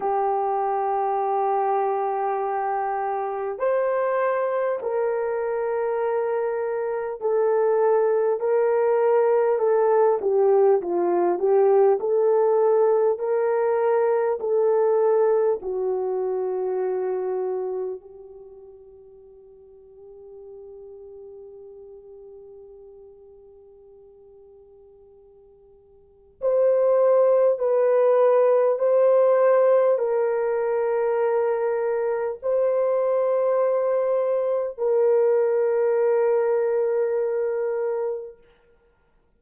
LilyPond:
\new Staff \with { instrumentName = "horn" } { \time 4/4 \tempo 4 = 50 g'2. c''4 | ais'2 a'4 ais'4 | a'8 g'8 f'8 g'8 a'4 ais'4 | a'4 fis'2 g'4~ |
g'1~ | g'2 c''4 b'4 | c''4 ais'2 c''4~ | c''4 ais'2. | }